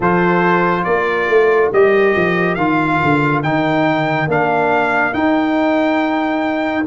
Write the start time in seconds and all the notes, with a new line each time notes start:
0.00 F3 F4 A4 C5
0.84 A#3 A#4 D5
1.28 A3
1.72 G3 G4 D#5
2.16 F3
2.54 D#3 F4 F5
3.03 D3
3.42 D#3 D#4 G5
4.27 A#3 D4 F5
5.12 D#4 G5